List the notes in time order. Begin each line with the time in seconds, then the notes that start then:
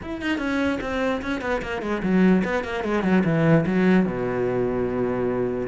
0.02 E4
0.21 D#4
0.38 C#4
0.81 C4
1.22 C#4
1.41 B3
1.62 A#3
1.82 G#3
2.02 F#3
2.44 B3
2.64 A#3
2.84 G#3
3.03 F#3
3.24 E3
3.66 F#3
4.05 B2